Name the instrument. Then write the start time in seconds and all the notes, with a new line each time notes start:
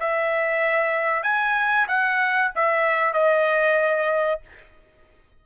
trumpet
0.00 E5
1.23 G#5
1.88 F#5
2.55 E5
3.13 D#5